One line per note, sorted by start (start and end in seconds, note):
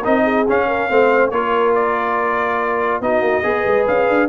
0.00 0.46 D#4
0.00 0.21 A#4
0.00 0.47 D#5
0.06 0.49 C4
0.24 0.66 G#4
0.48 0.90 C#4
0.48 1.31 F5
0.68 0.89 A#4
0.90 1.31 A3
0.90 1.32 C4
0.90 1.32 C5
1.31 3.01 A#3
1.31 3.03 F4
1.31 3.03 A#4
1.31 1.73 C#5
1.75 3.02 D5
3.01 3.21 B3
3.01 3.43 D#4
3.01 3.46 F#4
3.01 3.87 D#5
3.21 3.42 A#3
3.43 3.65 B3
3.43 4.28 G#4
3.43 4.29 B4
3.66 3.87 G#3
3.87 4.09 C#4
3.87 4.29 F5
4.09 4.29 D4